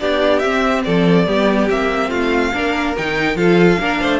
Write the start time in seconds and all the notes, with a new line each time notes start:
0.00 B3 D4 G4 D5
0.40 C4 E5
0.84 F3 A4 D5
1.26 G3 B3 G4
1.69 A#3 C4 E5
2.09 A3 F4 F5
2.53 A#3 D4 A#4
2.98 D#3 D#4 G5
3.36 F3 F4 A4 F5
3.80 A#3 D4 A#4
4.02 A3 C5